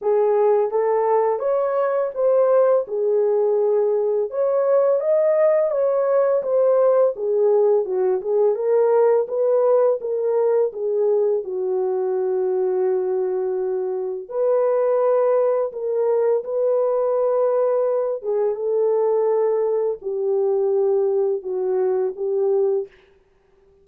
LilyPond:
\new Staff \with { instrumentName = "horn" } { \time 4/4 \tempo 4 = 84 gis'4 a'4 cis''4 c''4 | gis'2 cis''4 dis''4 | cis''4 c''4 gis'4 fis'8 gis'8 | ais'4 b'4 ais'4 gis'4 |
fis'1 | b'2 ais'4 b'4~ | b'4. gis'8 a'2 | g'2 fis'4 g'4 | }